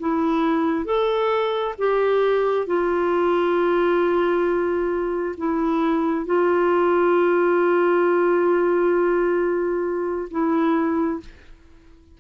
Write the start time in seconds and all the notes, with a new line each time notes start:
0.00 E4
0.85 A4
1.78 G4
2.67 F4
5.37 E4
6.26 F4
10.30 E4